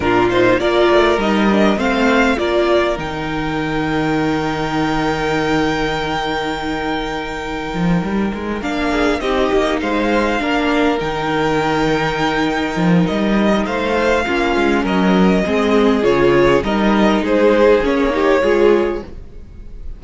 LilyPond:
<<
  \new Staff \with { instrumentName = "violin" } { \time 4/4 \tempo 4 = 101 ais'8 c''8 d''4 dis''4 f''4 | d''4 g''2.~ | g''1~ | g''2~ g''8 f''4 dis''8~ |
dis''8 f''2 g''4.~ | g''2 dis''4 f''4~ | f''4 dis''2 cis''4 | dis''4 c''4 cis''2 | }
  \new Staff \with { instrumentName = "violin" } { \time 4/4 f'4 ais'2 c''4 | ais'1~ | ais'1~ | ais'2. gis'8 g'8~ |
g'8 c''4 ais'2~ ais'8~ | ais'2. c''4 | f'4 ais'4 gis'2 | ais'4 gis'4. g'8 gis'4 | }
  \new Staff \with { instrumentName = "viola" } { \time 4/4 d'8 dis'8 f'4 dis'8 d'8 c'4 | f'4 dis'2.~ | dis'1~ | dis'2~ dis'8 d'4 dis'8~ |
dis'4. d'4 dis'4.~ | dis'1 | cis'2 c'4 f'4 | dis'2 cis'8 dis'8 f'4 | }
  \new Staff \with { instrumentName = "cello" } { \time 4/4 ais,4 ais8 a8 g4 a4 | ais4 dis2.~ | dis1~ | dis4 f8 g8 gis8 ais4 c'8 |
ais8 gis4 ais4 dis4.~ | dis4. f8 g4 a4 | ais8 gis8 fis4 gis4 cis4 | g4 gis4 ais4 gis4 | }
>>